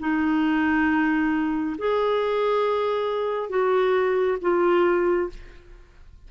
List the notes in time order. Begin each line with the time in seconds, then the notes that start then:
0.00 D#4
1.78 G#4
3.50 F#4
4.41 F4